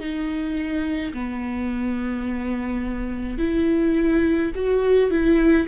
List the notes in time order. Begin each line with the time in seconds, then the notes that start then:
0.00 D#4
1.13 B3
3.38 E4
4.55 F#4
5.10 E4